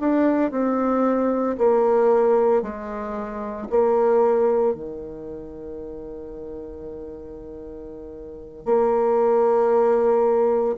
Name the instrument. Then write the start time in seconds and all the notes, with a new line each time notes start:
bassoon
0.00 D4
0.51 C4
1.58 A#3
2.62 G#3
3.70 A#3
4.74 D#3
8.66 A#3